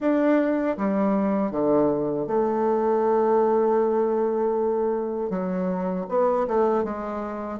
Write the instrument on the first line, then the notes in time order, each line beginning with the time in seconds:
bassoon
0.00 D4
0.77 G3
1.51 D3
2.26 A3
5.30 F#3
6.08 B3
6.47 A3
6.84 G#3